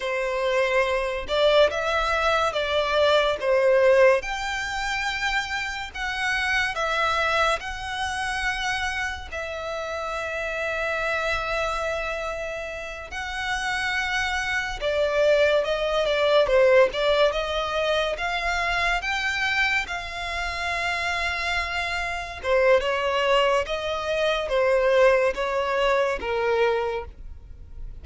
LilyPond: \new Staff \with { instrumentName = "violin" } { \time 4/4 \tempo 4 = 71 c''4. d''8 e''4 d''4 | c''4 g''2 fis''4 | e''4 fis''2 e''4~ | e''2.~ e''8 fis''8~ |
fis''4. d''4 dis''8 d''8 c''8 | d''8 dis''4 f''4 g''4 f''8~ | f''2~ f''8 c''8 cis''4 | dis''4 c''4 cis''4 ais'4 | }